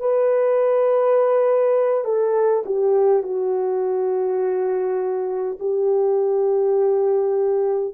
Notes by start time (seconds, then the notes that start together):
0.00 B4
2.05 A4
2.66 G4
3.23 F#4
5.60 G4